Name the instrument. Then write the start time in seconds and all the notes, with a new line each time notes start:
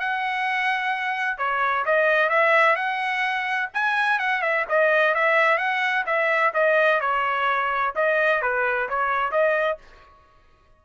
trumpet
0.00 F#5
1.38 C#5
1.86 D#5
2.29 E5
2.76 F#5
3.74 G#5
4.19 F#5
4.42 E5
4.69 D#5
5.15 E5
5.58 F#5
6.06 E5
6.54 D#5
7.01 C#5
7.95 D#5
8.42 B4
8.89 C#5
9.32 D#5